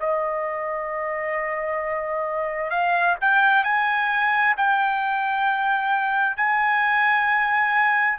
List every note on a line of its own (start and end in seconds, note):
0.00 2.70 D#5
2.70 3.16 F5
3.21 3.64 G5
3.64 4.55 G#5
4.57 6.37 G5
6.37 8.19 G#5